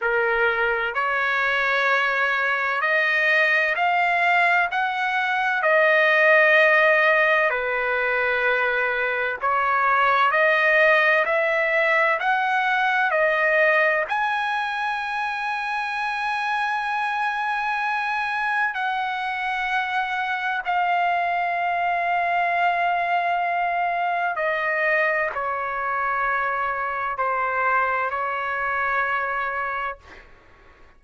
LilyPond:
\new Staff \with { instrumentName = "trumpet" } { \time 4/4 \tempo 4 = 64 ais'4 cis''2 dis''4 | f''4 fis''4 dis''2 | b'2 cis''4 dis''4 | e''4 fis''4 dis''4 gis''4~ |
gis''1 | fis''2 f''2~ | f''2 dis''4 cis''4~ | cis''4 c''4 cis''2 | }